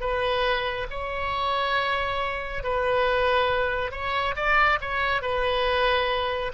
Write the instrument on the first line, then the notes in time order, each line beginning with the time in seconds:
oboe
0.00 B4
0.90 C#5
2.63 B4
3.91 C#5
4.36 D5
4.81 C#5
5.21 B4